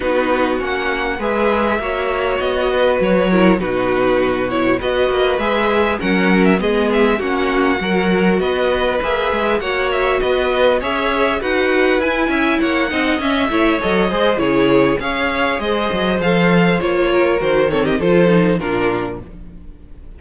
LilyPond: <<
  \new Staff \with { instrumentName = "violin" } { \time 4/4 \tempo 4 = 100 b'4 fis''4 e''2 | dis''4 cis''4 b'4. cis''8 | dis''4 e''4 fis''8. e''16 dis''8 e''8 | fis''2 dis''4 e''4 |
fis''8 e''8 dis''4 e''4 fis''4 | gis''4 fis''4 e''4 dis''4 | cis''4 f''4 dis''4 f''4 | cis''4 c''8 cis''16 dis''16 c''4 ais'4 | }
  \new Staff \with { instrumentName = "violin" } { \time 4/4 fis'2 b'4 cis''4~ | cis''8 b'4 ais'8 fis'2 | b'2 ais'4 gis'4 | fis'4 ais'4 b'2 |
cis''4 b'4 cis''4 b'4~ | b'8 e''8 cis''8 dis''4 cis''4 c''8 | gis'4 cis''4 c''2~ | c''8 ais'4 a'16 g'16 a'4 f'4 | }
  \new Staff \with { instrumentName = "viola" } { \time 4/4 dis'4 cis'4 gis'4 fis'4~ | fis'4. e'8 dis'4. e'8 | fis'4 gis'4 cis'4 b4 | cis'4 fis'2 gis'4 |
fis'2 gis'4 fis'4 | e'4. dis'8 cis'8 e'8 a'8 gis'8 | e'4 gis'2 a'4 | f'4 fis'8 c'8 f'8 dis'8 d'4 | }
  \new Staff \with { instrumentName = "cello" } { \time 4/4 b4 ais4 gis4 ais4 | b4 fis4 b,2 | b8 ais8 gis4 fis4 gis4 | ais4 fis4 b4 ais8 gis8 |
ais4 b4 cis'4 dis'4 | e'8 cis'8 ais8 c'8 cis'8 a8 fis8 gis8 | cis4 cis'4 gis8 fis8 f4 | ais4 dis4 f4 ais,4 | }
>>